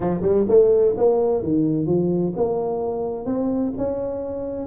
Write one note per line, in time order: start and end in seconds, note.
0.00 0.20 F3
0.22 0.45 G3
0.48 0.95 A3
0.97 1.42 A#3
1.42 1.86 D#3
1.86 2.33 F3
2.36 3.25 A#3
3.25 3.72 C4
3.77 4.66 C#4